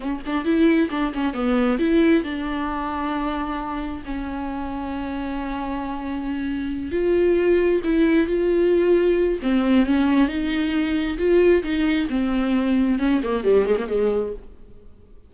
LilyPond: \new Staff \with { instrumentName = "viola" } { \time 4/4 \tempo 4 = 134 cis'8 d'8 e'4 d'8 cis'8 b4 | e'4 d'2.~ | d'4 cis'2.~ | cis'2.~ cis'8 f'8~ |
f'4. e'4 f'4.~ | f'4 c'4 cis'4 dis'4~ | dis'4 f'4 dis'4 c'4~ | c'4 cis'8 ais8 g8 gis16 ais16 gis4 | }